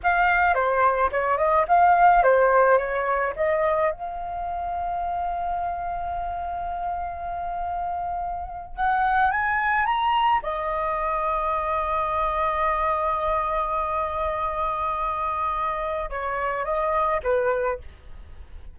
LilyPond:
\new Staff \with { instrumentName = "flute" } { \time 4/4 \tempo 4 = 108 f''4 c''4 cis''8 dis''8 f''4 | c''4 cis''4 dis''4 f''4~ | f''1~ | f''2.~ f''8. fis''16~ |
fis''8. gis''4 ais''4 dis''4~ dis''16~ | dis''1~ | dis''1~ | dis''4 cis''4 dis''4 b'4 | }